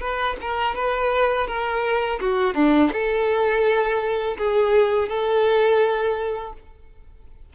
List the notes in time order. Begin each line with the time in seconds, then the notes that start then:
0.00 B4
0.41 A#4
0.75 B4
1.47 A#4
2.20 F#4
2.54 D4
2.92 A4
4.37 G#4
5.08 A4